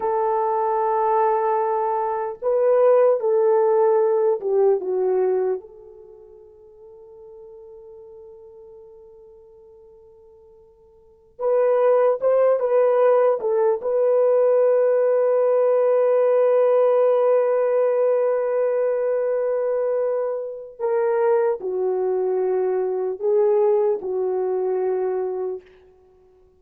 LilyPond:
\new Staff \with { instrumentName = "horn" } { \time 4/4 \tempo 4 = 75 a'2. b'4 | a'4. g'8 fis'4 a'4~ | a'1~ | a'2~ a'16 b'4 c''8 b'16~ |
b'8. a'8 b'2~ b'8.~ | b'1~ | b'2 ais'4 fis'4~ | fis'4 gis'4 fis'2 | }